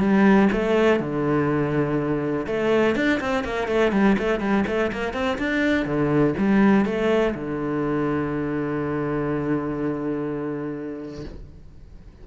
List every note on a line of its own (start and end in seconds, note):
0.00 0.49 G3
0.52 1.00 A3
1.00 2.46 D3
2.47 2.95 A3
2.95 3.20 D4
3.20 3.44 C4
3.44 3.68 A#3
3.68 3.92 A3
3.92 4.16 G3
4.18 4.40 A3
4.40 4.64 G3
4.67 4.92 A3
4.92 5.13 A#3
5.13 5.38 C4
5.38 5.85 D4
5.85 6.34 D3
6.38 6.85 G3
6.85 7.34 A3
7.34 11.25 D3